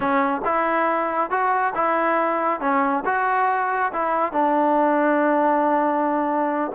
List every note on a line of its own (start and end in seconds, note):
0.00 0.41 C#4
0.44 1.30 E4
1.30 1.73 F#4
1.75 2.60 E4
2.60 3.03 C#4
3.05 3.92 F#4
3.92 4.32 E4
4.32 6.71 D4